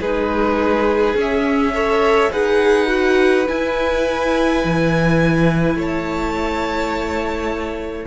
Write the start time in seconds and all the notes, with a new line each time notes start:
0.00 G#3 D#4 G#4 B4
1.14 C#4
1.20 E5
1.74 A4 C#5
2.31 D#4 G#4 B4 F#5
2.87 F#4
3.48 E4 G#5
4.64 E3
5.75 A3 C#5
5.81 A5